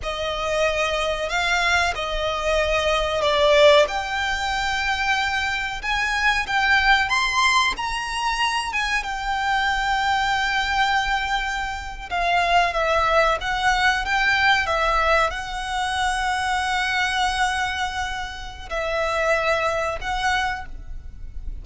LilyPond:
\new Staff \with { instrumentName = "violin" } { \time 4/4 \tempo 4 = 93 dis''2 f''4 dis''4~ | dis''4 d''4 g''2~ | g''4 gis''4 g''4 c'''4 | ais''4. gis''8 g''2~ |
g''2~ g''8. f''4 e''16~ | e''8. fis''4 g''4 e''4 fis''16~ | fis''1~ | fis''4 e''2 fis''4 | }